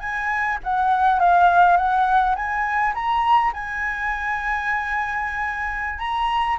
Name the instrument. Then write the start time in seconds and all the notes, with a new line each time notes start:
flute
0.00 G#5
0.64 F#5
1.20 F5
1.77 F#5
2.36 G#5
2.94 A#5
3.53 G#5
5.99 A#5